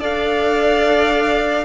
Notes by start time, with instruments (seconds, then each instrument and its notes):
0.00 cello D4, viola A4, violin D5 F5